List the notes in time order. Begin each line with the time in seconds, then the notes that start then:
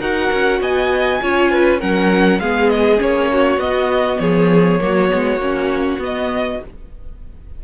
0.00 D#4 F#4 A#4 F#5
0.33 C#4
0.61 B3 D#5 G#5
1.22 C#4 F4 C#5
1.51 B4
1.80 F#3 C#4 A#4 F#5
2.40 G#3 B3 G#4 F5
2.70 D#5
2.98 A#3 C#4 C#5
3.33 F#4
3.57 B3 D#5
4.20 F3 G#4 C#5
4.80 F#3 A#3 F#4
5.08 G#3 B3
5.37 A#3 C#4
5.99 B3 D#5